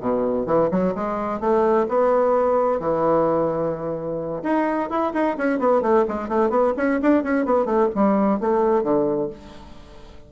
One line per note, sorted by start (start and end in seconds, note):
0.00 0.46 B2
0.46 0.69 E3
0.71 0.94 F#3
0.95 1.40 G#3
1.40 1.86 A3
1.88 2.79 B3
2.79 4.42 E3
4.43 4.89 D#4
4.90 5.13 E4
5.13 5.36 D#4
5.37 5.59 C#4
5.59 5.81 B3
5.81 6.05 A3
6.08 6.28 G#3
6.28 6.50 A3
6.50 6.73 B3
6.77 7.00 C#4
7.02 7.23 D4
7.23 7.45 C#4
7.45 7.65 B3
7.65 7.89 A3
7.95 8.40 G3
8.40 8.83 A3
8.83 9.29 D3